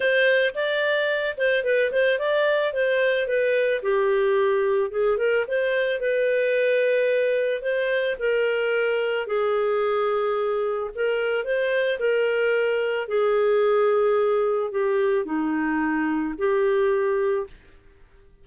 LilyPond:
\new Staff \with { instrumentName = "clarinet" } { \time 4/4 \tempo 4 = 110 c''4 d''4. c''8 b'8 c''8 | d''4 c''4 b'4 g'4~ | g'4 gis'8 ais'8 c''4 b'4~ | b'2 c''4 ais'4~ |
ais'4 gis'2. | ais'4 c''4 ais'2 | gis'2. g'4 | dis'2 g'2 | }